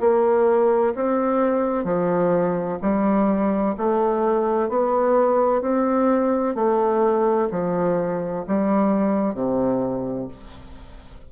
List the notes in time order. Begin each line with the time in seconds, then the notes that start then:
0.00 A#3
0.95 C4
1.84 F3
2.82 G3
3.78 A3
4.69 B3
5.61 C4
6.55 A3
7.51 F3
8.47 G3
9.34 C3